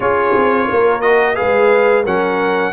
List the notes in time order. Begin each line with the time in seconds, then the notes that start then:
0.00 C#4 F4 G#4 C#5
0.35 C4
0.71 A#3 A#4
1.01 F#4 D#5
1.35 G#3 G#4 B4 F5
2.03 F#3 C#4 A#4 F#5